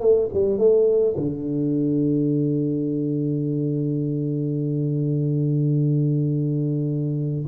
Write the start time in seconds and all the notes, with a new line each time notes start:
0.00 A3
0.34 G3
0.58 A3
1.17 D3